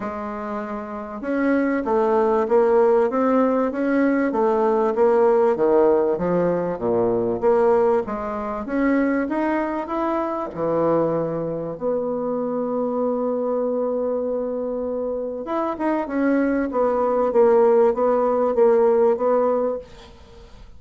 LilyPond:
\new Staff \with { instrumentName = "bassoon" } { \time 4/4 \tempo 4 = 97 gis2 cis'4 a4 | ais4 c'4 cis'4 a4 | ais4 dis4 f4 ais,4 | ais4 gis4 cis'4 dis'4 |
e'4 e2 b4~ | b1~ | b4 e'8 dis'8 cis'4 b4 | ais4 b4 ais4 b4 | }